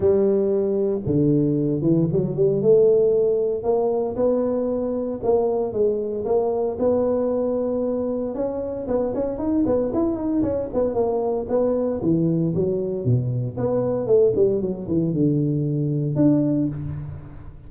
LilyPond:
\new Staff \with { instrumentName = "tuba" } { \time 4/4 \tempo 4 = 115 g2 d4. e8 | fis8 g8 a2 ais4 | b2 ais4 gis4 | ais4 b2. |
cis'4 b8 cis'8 dis'8 b8 e'8 dis'8 | cis'8 b8 ais4 b4 e4 | fis4 b,4 b4 a8 g8 | fis8 e8 d2 d'4 | }